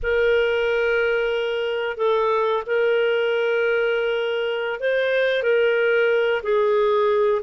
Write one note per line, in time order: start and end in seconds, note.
0.02 1.97 A#4
1.97 2.63 A4
2.66 4.80 A#4
4.80 5.42 C5
5.42 6.41 A#4
6.42 7.41 G#4